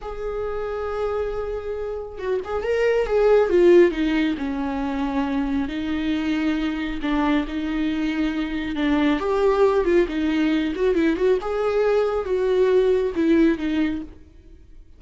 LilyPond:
\new Staff \with { instrumentName = "viola" } { \time 4/4 \tempo 4 = 137 gis'1~ | gis'4 fis'8 gis'8 ais'4 gis'4 | f'4 dis'4 cis'2~ | cis'4 dis'2. |
d'4 dis'2. | d'4 g'4. f'8 dis'4~ | dis'8 fis'8 e'8 fis'8 gis'2 | fis'2 e'4 dis'4 | }